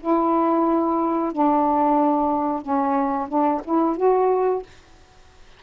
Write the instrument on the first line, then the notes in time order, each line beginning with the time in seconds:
saxophone
0.00 E4
1.32 D4
2.62 C#4
3.28 D4
3.65 E4
3.97 F#4